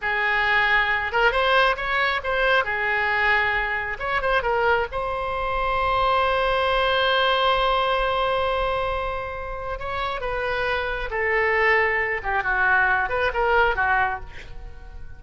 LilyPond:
\new Staff \with { instrumentName = "oboe" } { \time 4/4 \tempo 4 = 135 gis'2~ gis'8 ais'8 c''4 | cis''4 c''4 gis'2~ | gis'4 cis''8 c''8 ais'4 c''4~ | c''1~ |
c''1~ | c''2 cis''4 b'4~ | b'4 a'2~ a'8 g'8 | fis'4. b'8 ais'4 fis'4 | }